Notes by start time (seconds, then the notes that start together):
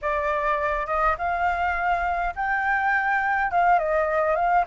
0.01 D5
0.86 D#5
1.18 F5
2.35 G5
3.51 F5
3.78 D#5
4.35 F5